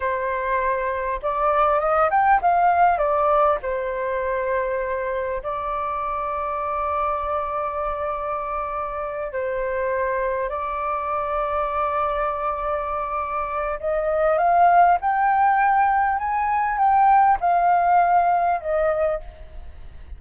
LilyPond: \new Staff \with { instrumentName = "flute" } { \time 4/4 \tempo 4 = 100 c''2 d''4 dis''8 g''8 | f''4 d''4 c''2~ | c''4 d''2.~ | d''2.~ d''8 c''8~ |
c''4. d''2~ d''8~ | d''2. dis''4 | f''4 g''2 gis''4 | g''4 f''2 dis''4 | }